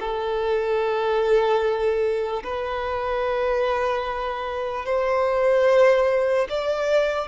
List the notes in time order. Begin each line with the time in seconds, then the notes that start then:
0.00 A4
2.44 B4
4.85 C5
6.49 D5